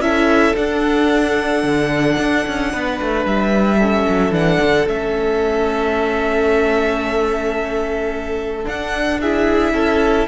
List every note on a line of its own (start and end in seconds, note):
0.00 0.54 C#4
0.00 0.55 E4
0.00 2.72 A4
0.00 0.56 E5
0.55 3.79 D4
0.55 1.63 D4
0.55 3.26 F#5
1.63 2.17 D3
2.18 2.45 D4
2.48 2.73 C#4
2.72 3.00 B3
2.72 3.77 B4
3.02 3.25 A3
3.25 4.06 G3
3.25 4.34 E5
3.77 4.33 C#4
3.77 9.18 A4
4.08 4.31 F#3
4.31 4.58 E3
4.31 4.87 D4
4.31 4.88 F#5
4.61 4.87 D3
4.87 8.66 A3
4.87 8.65 C#4
4.87 8.67 E5
8.65 9.19 D4
8.65 9.73 D4
8.65 9.21 F#5
9.21 10.28 E4
9.21 9.74 G#4
9.21 10.28 E5
9.73 10.27 C#4
9.73 10.28 A4